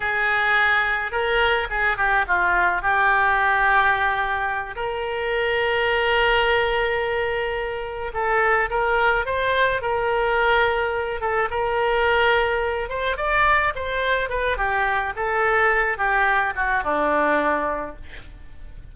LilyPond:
\new Staff \with { instrumentName = "oboe" } { \time 4/4 \tempo 4 = 107 gis'2 ais'4 gis'8 g'8 | f'4 g'2.~ | g'8 ais'2.~ ais'8~ | ais'2~ ais'8 a'4 ais'8~ |
ais'8 c''4 ais'2~ ais'8 | a'8 ais'2~ ais'8 c''8 d''8~ | d''8 c''4 b'8 g'4 a'4~ | a'8 g'4 fis'8 d'2 | }